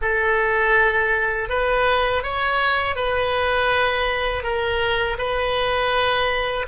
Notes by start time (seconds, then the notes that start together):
0.01 A4
1.49 B4
2.23 C#5
2.95 B4
4.43 A#4
5.18 B4